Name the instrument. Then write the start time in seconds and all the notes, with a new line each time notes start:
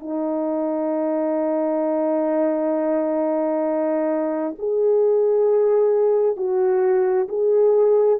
horn
0.00 D#4
4.58 G#4
6.37 F#4
7.29 G#4